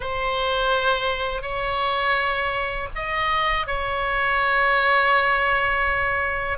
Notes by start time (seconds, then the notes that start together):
0.00 C5
1.42 C#5
2.95 D#5
3.66 C#5